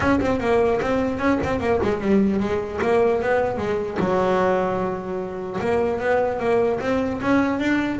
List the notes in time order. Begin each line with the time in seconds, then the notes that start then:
0.00 C#4
0.20 C4
0.39 A#3
0.81 C4
1.18 C#4
1.43 C4
1.60 A#3
1.83 G#3
2.00 G3
2.39 G#3
2.81 A#3
3.21 B3
3.57 G#3
3.99 F#3
5.60 A#3
6.00 B3
6.39 A#3
6.80 C4
7.21 C#4
7.59 D4